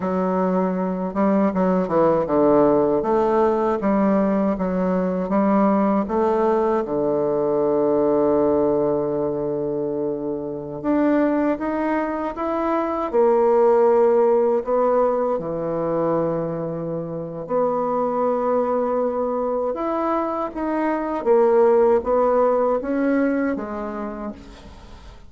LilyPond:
\new Staff \with { instrumentName = "bassoon" } { \time 4/4 \tempo 4 = 79 fis4. g8 fis8 e8 d4 | a4 g4 fis4 g4 | a4 d2.~ | d2~ d16 d'4 dis'8.~ |
dis'16 e'4 ais2 b8.~ | b16 e2~ e8. b4~ | b2 e'4 dis'4 | ais4 b4 cis'4 gis4 | }